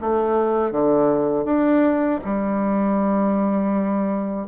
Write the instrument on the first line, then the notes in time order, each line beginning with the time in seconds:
bassoon
0.00 A3
0.71 D3
1.45 D4
2.24 G3